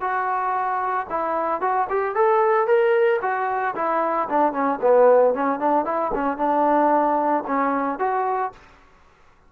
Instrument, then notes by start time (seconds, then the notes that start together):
trombone
0.00 F#4
1.10 E4
1.60 F#4
1.89 G4
2.15 A4
2.67 A#4
3.21 F#4
3.75 E4
4.29 D4
4.52 C#4
4.81 B3
5.34 C#4
5.59 D4
5.85 E4
6.14 C#4
6.37 D4
7.46 C#4
7.99 F#4